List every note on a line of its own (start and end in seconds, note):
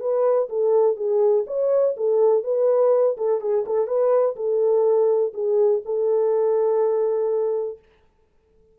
0.00 0.48 B4
0.49 0.97 A4
0.97 1.45 G#4
1.47 1.95 C#5
1.97 2.44 A4
2.44 3.16 B4
3.17 3.41 A4
3.41 3.65 G#4
3.66 3.88 A4
3.88 4.36 B4
4.36 5.33 A4
5.34 5.82 G#4
5.85 7.79 A4